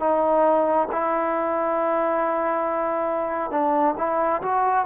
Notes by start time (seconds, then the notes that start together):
0.00 D#4
0.92 E4
3.51 D4
3.98 E4
4.42 F#4